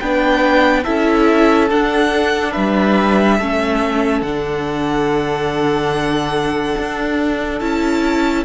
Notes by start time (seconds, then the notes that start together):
0.00 B3 D4 B4 G5
0.84 C#4 E4 A4 E5
1.71 D4 F#5
2.52 G3 B4 E5
3.39 A3 C#4 A4
4.22 D3 D4 F#5
6.79 D4
7.60 C#4 E4 A5